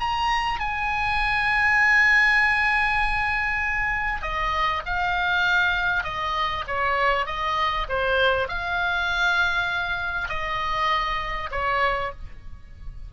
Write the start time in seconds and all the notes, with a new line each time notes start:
0.00 A#5
0.60 G#5
4.22 D#5
4.85 F5
6.04 D#5
6.67 C#5
7.26 D#5
7.89 C5
8.48 F5
10.29 D#5
11.51 C#5